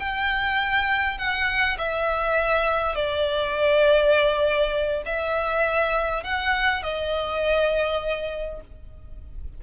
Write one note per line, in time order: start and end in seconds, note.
0.00 1.18 G5
1.18 1.78 F#5
1.78 2.96 E5
2.96 5.04 D5
5.06 6.24 E5
6.24 6.83 F#5
6.83 8.61 D#5